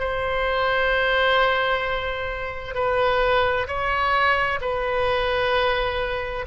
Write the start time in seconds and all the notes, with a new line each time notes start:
0.00 C5
2.75 B4
3.68 C#5
4.62 B4